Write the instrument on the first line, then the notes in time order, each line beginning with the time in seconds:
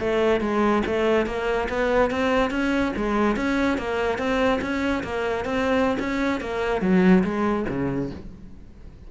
cello
0.00 A3
0.41 G#3
0.87 A3
1.27 A#3
1.70 B3
2.11 C4
2.51 C#4
2.97 G#3
3.37 C#4
3.78 A#3
4.18 C4
4.62 C#4
5.04 A#3
5.45 C4
6.00 C#4
6.41 A#3
6.82 F#3
7.24 G#3
7.69 C#3